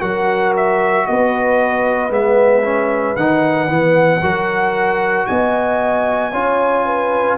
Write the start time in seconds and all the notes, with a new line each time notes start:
0.00 F#3 F#4 A#4 F#5
0.56 E5
1.06 B3 B4 D#5
2.09 G#3 B3 E5
2.63 C#4
3.16 D#3 D#4 F#5
3.68 E3 B3
4.21 F#3 F#4 A#4
5.26 B3 D#5 G#5
6.32 C#4 F4 C#5
6.85 B4